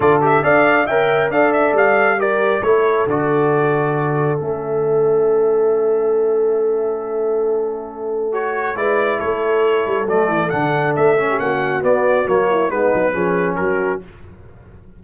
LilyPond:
<<
  \new Staff \with { instrumentName = "trumpet" } { \time 4/4 \tempo 4 = 137 d''8 e''8 f''4 g''4 f''8 e''8 | f''4 d''4 cis''4 d''4~ | d''2 e''2~ | e''1~ |
e''2. cis''4 | d''4 cis''2 d''4 | fis''4 e''4 fis''4 d''4 | cis''4 b'2 ais'4 | }
  \new Staff \with { instrumentName = "horn" } { \time 4/4 a'4 d''4 e''4 d''4~ | d''4 ais'4 a'2~ | a'1~ | a'1~ |
a'1 | b'4 a'2.~ | a'4.~ a'16 g'16 fis'2~ | fis'8 e'8 dis'4 gis'4 fis'4 | }
  \new Staff \with { instrumentName = "trombone" } { \time 4/4 f'8 g'8 a'4 ais'4 a'4~ | a'4 g'4 e'4 fis'4~ | fis'2 cis'2~ | cis'1~ |
cis'2. fis'4 | e'2. a4 | d'4. cis'4. b4 | ais4 b4 cis'2 | }
  \new Staff \with { instrumentName = "tuba" } { \time 4/4 d4 d'4 cis'4 d'4 | g2 a4 d4~ | d2 a2~ | a1~ |
a1 | gis4 a4. g8 fis8 e8 | d4 a4 ais4 b4 | fis4 gis8 fis8 f4 fis4 | }
>>